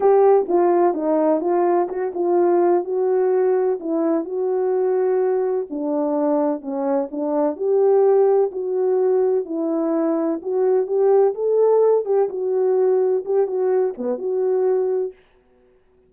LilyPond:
\new Staff \with { instrumentName = "horn" } { \time 4/4 \tempo 4 = 127 g'4 f'4 dis'4 f'4 | fis'8 f'4. fis'2 | e'4 fis'2. | d'2 cis'4 d'4 |
g'2 fis'2 | e'2 fis'4 g'4 | a'4. g'8 fis'2 | g'8 fis'4 b8 fis'2 | }